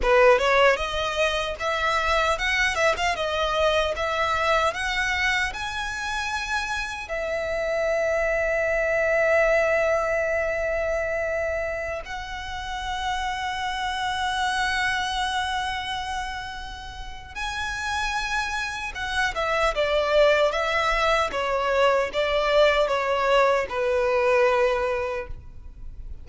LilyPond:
\new Staff \with { instrumentName = "violin" } { \time 4/4 \tempo 4 = 76 b'8 cis''8 dis''4 e''4 fis''8 e''16 f''16 | dis''4 e''4 fis''4 gis''4~ | gis''4 e''2.~ | e''2.~ e''16 fis''8.~ |
fis''1~ | fis''2 gis''2 | fis''8 e''8 d''4 e''4 cis''4 | d''4 cis''4 b'2 | }